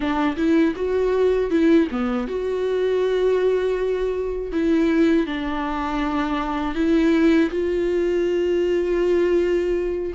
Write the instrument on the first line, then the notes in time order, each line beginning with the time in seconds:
viola
0.00 D4
0.36 E4
0.75 F#4
1.50 E4
1.91 B3
2.27 F#4
4.51 E4
5.26 D4
6.75 E4
7.50 F4